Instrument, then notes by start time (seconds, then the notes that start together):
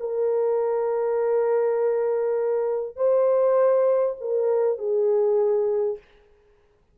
horn
0.00 A#4
2.97 C5
4.21 A#4
4.79 G#4